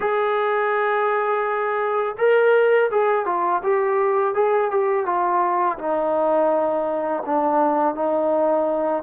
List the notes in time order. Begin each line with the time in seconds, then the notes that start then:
0.00 G#4
2.18 A#4
2.90 G#4
3.25 F4
3.63 G4
4.34 G#4
4.71 G4
5.05 F4
5.78 D#4
7.26 D4
7.95 D#4